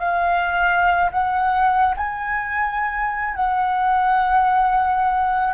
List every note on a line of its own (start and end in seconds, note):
0.00 1.11 F5
1.12 1.95 F#5
1.97 3.35 G#5
3.35 5.54 F#5